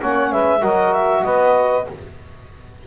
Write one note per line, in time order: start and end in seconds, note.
0.00 0.32 A#3
0.00 0.61 C#4
0.00 0.31 C#5
0.00 0.33 F#5
0.32 0.62 G#3
0.32 0.59 B4
0.32 0.64 E5
0.59 1.24 F#3
0.59 1.84 F#4
0.59 1.21 A#4
0.59 0.93 D#5
0.93 1.23 E5
1.23 1.87 B3
1.23 1.86 B4
1.23 1.85 D#5